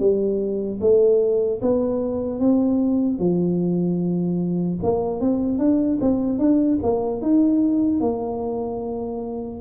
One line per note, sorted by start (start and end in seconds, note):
0.00 0.80 G3
0.81 1.61 A3
1.62 2.40 B3
2.40 3.19 C4
3.19 4.79 F3
4.83 5.21 A#3
5.21 5.59 C4
5.59 5.99 D4
6.01 6.39 C4
6.39 6.79 D4
6.83 7.22 A#3
7.22 8.01 D#4
8.01 9.61 A#3